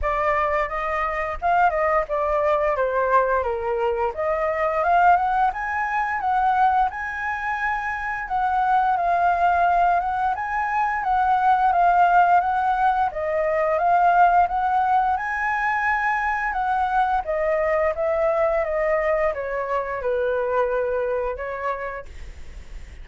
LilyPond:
\new Staff \with { instrumentName = "flute" } { \time 4/4 \tempo 4 = 87 d''4 dis''4 f''8 dis''8 d''4 | c''4 ais'4 dis''4 f''8 fis''8 | gis''4 fis''4 gis''2 | fis''4 f''4. fis''8 gis''4 |
fis''4 f''4 fis''4 dis''4 | f''4 fis''4 gis''2 | fis''4 dis''4 e''4 dis''4 | cis''4 b'2 cis''4 | }